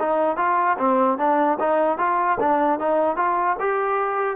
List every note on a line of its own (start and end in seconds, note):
0.00 0.37 D#4
0.37 0.77 F4
0.79 1.18 C4
1.18 1.58 D4
1.60 1.98 D#4
1.98 2.38 F4
2.40 2.80 D4
2.80 3.16 D#4
3.16 3.56 F4
3.60 4.36 G4